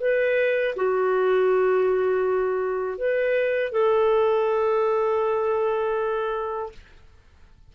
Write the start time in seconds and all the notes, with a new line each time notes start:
0.00 B4
0.76 F#4
2.98 B4
3.72 A4